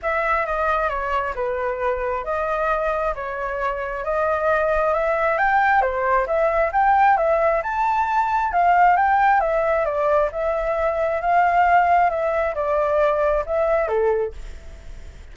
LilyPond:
\new Staff \with { instrumentName = "flute" } { \time 4/4 \tempo 4 = 134 e''4 dis''4 cis''4 b'4~ | b'4 dis''2 cis''4~ | cis''4 dis''2 e''4 | g''4 c''4 e''4 g''4 |
e''4 a''2 f''4 | g''4 e''4 d''4 e''4~ | e''4 f''2 e''4 | d''2 e''4 a'4 | }